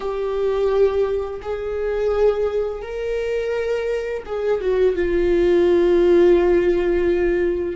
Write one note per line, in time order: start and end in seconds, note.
0.00 1.40 G4
1.41 2.82 G#4
2.82 4.23 A#4
4.25 4.60 G#4
4.61 4.95 F#4
4.95 7.76 F4